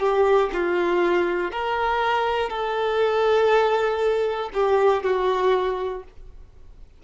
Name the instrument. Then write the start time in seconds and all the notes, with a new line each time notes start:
violin
0.00 G4
0.53 F4
1.52 A#4
2.50 A4
4.54 G4
5.04 F#4